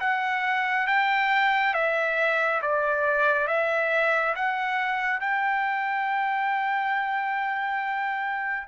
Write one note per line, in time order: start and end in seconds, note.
0.00 0.87 F#5
0.87 1.74 G5
1.74 2.60 E5
2.62 3.47 D5
3.47 4.34 E5
4.35 5.20 F#5
5.20 8.67 G5